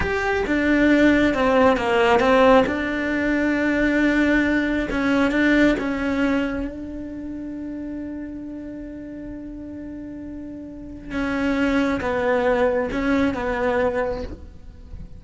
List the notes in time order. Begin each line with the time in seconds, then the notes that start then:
0.00 G4
0.46 D4
1.34 C4
1.76 A#3
2.19 C4
2.66 D4
4.90 C#4
5.31 D4
5.78 C#4
6.67 D4
11.11 C#4
12.00 B3
12.91 C#4
13.34 B3